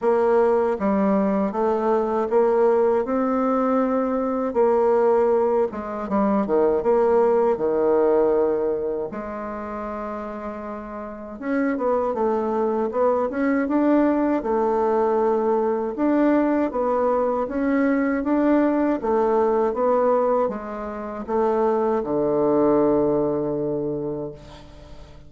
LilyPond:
\new Staff \with { instrumentName = "bassoon" } { \time 4/4 \tempo 4 = 79 ais4 g4 a4 ais4 | c'2 ais4. gis8 | g8 dis8 ais4 dis2 | gis2. cis'8 b8 |
a4 b8 cis'8 d'4 a4~ | a4 d'4 b4 cis'4 | d'4 a4 b4 gis4 | a4 d2. | }